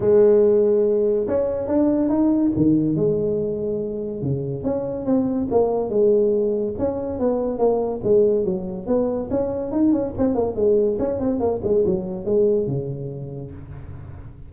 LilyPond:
\new Staff \with { instrumentName = "tuba" } { \time 4/4 \tempo 4 = 142 gis2. cis'4 | d'4 dis'4 dis4 gis4~ | gis2 cis4 cis'4 | c'4 ais4 gis2 |
cis'4 b4 ais4 gis4 | fis4 b4 cis'4 dis'8 cis'8 | c'8 ais8 gis4 cis'8 c'8 ais8 gis8 | fis4 gis4 cis2 | }